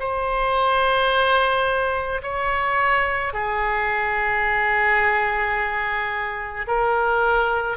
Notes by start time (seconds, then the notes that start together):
0.00 C5
2.23 C#5
3.33 G#4
6.68 A#4